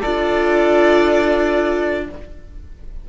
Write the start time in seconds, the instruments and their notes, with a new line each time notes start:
0.00 cello D4, viola F4, oboe A4, violin D5